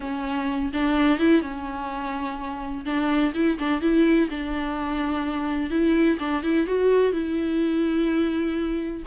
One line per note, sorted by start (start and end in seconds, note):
0.00 0.71 C#4
0.73 1.19 D4
1.19 1.41 E4
1.41 2.84 C#4
2.85 3.32 D4
3.34 3.58 E4
3.58 3.81 D4
3.81 4.29 E4
4.30 5.70 D4
5.70 6.18 E4
6.19 6.42 D4
6.42 6.66 E4
6.66 7.12 F#4
7.12 9.02 E4